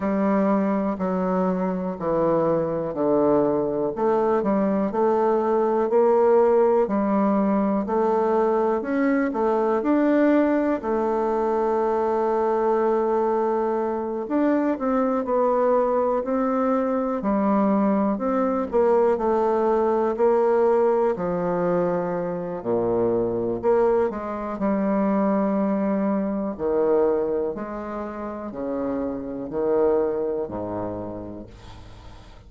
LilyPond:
\new Staff \with { instrumentName = "bassoon" } { \time 4/4 \tempo 4 = 61 g4 fis4 e4 d4 | a8 g8 a4 ais4 g4 | a4 cis'8 a8 d'4 a4~ | a2~ a8 d'8 c'8 b8~ |
b8 c'4 g4 c'8 ais8 a8~ | a8 ais4 f4. ais,4 | ais8 gis8 g2 dis4 | gis4 cis4 dis4 gis,4 | }